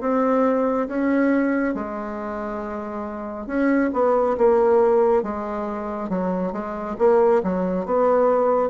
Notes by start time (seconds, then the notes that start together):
0.00 C4
0.87 C#4
1.74 G#3
3.47 C#4
3.93 B3
4.37 A#3
5.23 G#3
6.09 F#3
6.52 G#3
6.98 A#3
7.43 F#3
7.85 B3